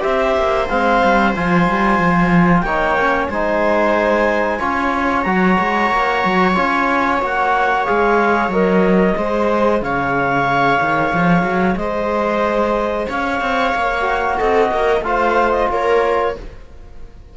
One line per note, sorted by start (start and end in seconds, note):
0.00 0.36 C4
0.00 0.65 G4
0.00 2.63 C5
0.00 0.68 E5
0.37 0.69 A#3
0.68 1.02 G#3
0.68 1.35 C4
0.68 1.33 F5
1.03 1.36 G3
1.35 1.68 F3
1.35 2.65 F4
1.35 2.60 G#5
1.68 1.98 G3
1.98 2.62 F3
2.60 3.27 A#3
2.60 2.98 D#4
2.60 3.29 C#5
2.60 3.25 G5
2.99 3.32 C#4
3.29 4.59 G#3
3.29 4.59 D#4
3.29 4.59 C5
3.29 5.22 G#5
4.59 5.25 C#4
4.59 5.24 F4
4.59 9.15 C#5
5.22 5.58 F#3
5.22 6.54 F#4
5.22 6.53 A#5
5.59 5.90 G#3
5.90 6.23 A#3
6.25 6.56 F#3
6.54 7.21 C#4
6.54 7.20 F4
6.54 7.22 G#5
7.20 7.87 A#3
7.20 7.85 F#4
7.20 7.85 F#5
7.85 8.48 G#3
7.85 8.51 G#4
7.85 8.50 F5
8.48 9.13 F#3
8.48 9.16 A#4
8.48 9.82 D#5
9.16 9.81 G#3
9.16 14.01 G#4
9.16 9.82 C5
9.81 10.79 C#3
9.81 11.78 C#5
9.81 11.76 F5
10.80 11.12 D#3
11.13 11.42 F3
11.42 11.75 F#3
11.76 13.06 G#3
11.76 13.08 C5
11.76 13.06 D#5
13.08 13.40 C#4
13.08 14.37 C#5
13.08 14.39 F5
13.40 13.73 C4
13.74 14.40 A#3
14.01 14.99 F#4
14.37 14.71 C4
14.37 14.69 A4
14.37 15.03 D#5
14.71 15.01 A#3
14.71 15.05 A#4
15.01 15.66 A3
15.01 16.34 F4
15.01 15.71 C5
15.01 15.51 F5
15.51 15.67 D#5
15.70 16.35 A#3
15.70 16.37 A#4
15.70 16.37 C#5